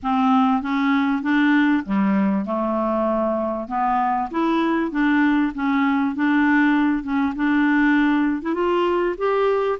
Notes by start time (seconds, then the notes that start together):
0.03 C4
0.62 C#4
1.22 D4
1.85 G3
2.45 A3
3.68 B3
4.30 E4
4.91 D4
5.54 C#4
6.15 D4
7.03 C#4
7.35 D4
8.42 E4
8.54 F4
9.17 G4